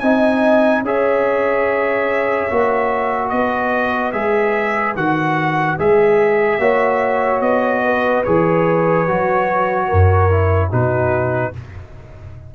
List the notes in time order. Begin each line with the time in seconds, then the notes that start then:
0.00 C4 D#4 D#5 G#5
0.82 C#4 G#4 C#5 E5
2.50 A#3 F#4
3.30 B3 B4 D#5
4.12 G#3 G#4 E5
4.95 D#3 F#4 F#5
5.78 G#3 G#4 E5
6.59 A#3 F#4 C#5
7.41 B3 D#5
7.84 B4
8.24 E3 G#4 C#5
9.08 F#3 F#4
9.88 F#2 A#4
10.30 E4
10.70 B2 D#4 F#4 B4